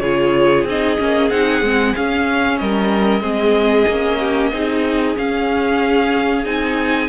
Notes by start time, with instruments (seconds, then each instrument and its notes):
0.00 cello C#3, viola F4, violin G#4 C#5
0.65 cello C4, viola D#4, violin D#5
0.99 cello A#3, viola C#4
1.30 cello C4, viola D#4, violin F#5
1.62 cello G#3, viola C4
1.96 viola C#4, cello C#4, violin F5
2.58 cello G3, violin A#4 D#5
3.21 cello G#3, viola C4, violin G#4
3.88 cello A#3, viola C#4
4.20 violin G4
4.53 cello C4, viola D#4, violin G#4
5.17 viola C#4, cello C#4, violin F5
6.45 cello C4, viola D#4, violin G#5